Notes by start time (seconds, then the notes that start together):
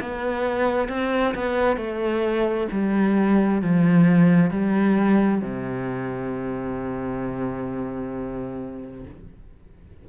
0.00 B3
0.89 C4
1.35 B3
1.77 A3
2.71 G3
3.62 F3
4.50 G3
5.41 C3